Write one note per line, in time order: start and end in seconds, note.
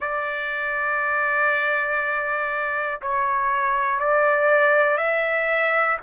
0.00 3.00 D5
3.01 3.99 C#5
3.99 4.97 D5
4.97 5.97 E5